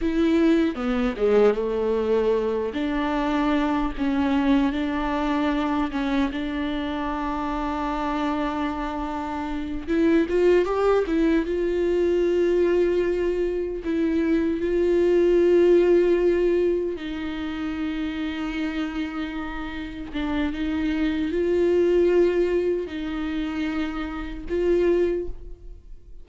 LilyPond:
\new Staff \with { instrumentName = "viola" } { \time 4/4 \tempo 4 = 76 e'4 b8 gis8 a4. d'8~ | d'4 cis'4 d'4. cis'8 | d'1~ | d'8 e'8 f'8 g'8 e'8 f'4.~ |
f'4. e'4 f'4.~ | f'4. dis'2~ dis'8~ | dis'4. d'8 dis'4 f'4~ | f'4 dis'2 f'4 | }